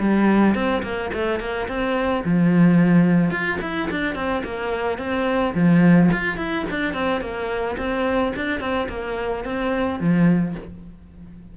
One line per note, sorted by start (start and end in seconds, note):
0.00 0.55 G3
0.55 0.83 C4
0.83 1.11 A#3
1.14 1.40 A3
1.40 1.68 A#3
1.68 2.24 C4
2.25 3.31 F3
3.31 3.59 F4
3.62 3.90 E4
3.91 4.15 D4
4.15 4.43 C4
4.44 4.99 A#3
4.99 5.54 C4
5.55 6.11 F3
6.12 6.38 F4
6.38 6.66 E4
6.70 6.94 D4
6.94 7.21 C4
7.21 7.77 A#3
7.78 8.33 C4
8.36 8.60 D4
8.60 8.88 C4
8.89 9.45 A#3
9.45 10.00 C4
10.00 10.56 F3